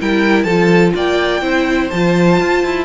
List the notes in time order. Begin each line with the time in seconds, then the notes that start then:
0.00 G3 E4 A#4 G5
0.43 F3 A4 A5
0.49 F4
0.96 A#3 D5 G5
1.42 C4 E4 C5
1.90 F3 F4 A5
2.41 F4
2.65 E4